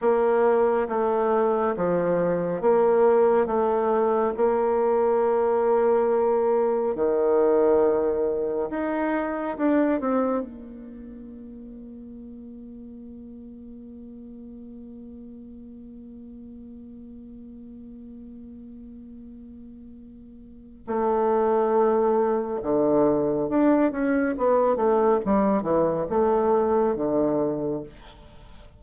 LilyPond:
\new Staff \with { instrumentName = "bassoon" } { \time 4/4 \tempo 4 = 69 ais4 a4 f4 ais4 | a4 ais2. | dis2 dis'4 d'8 c'8 | ais1~ |
ais1~ | ais1 | a2 d4 d'8 cis'8 | b8 a8 g8 e8 a4 d4 | }